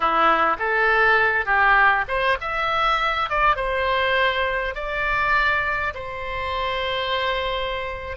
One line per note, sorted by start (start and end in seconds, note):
0.00 0.56 E4
0.59 1.45 A4
1.45 2.05 G4
2.07 2.37 C5
2.40 3.29 E5
3.29 3.55 D5
3.55 4.74 C5
4.74 5.93 D5
5.94 8.17 C5